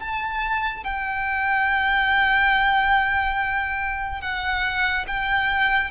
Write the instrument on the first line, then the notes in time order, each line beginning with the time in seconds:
violin
0.00 A5
0.85 G5
4.21 F#5
5.07 G5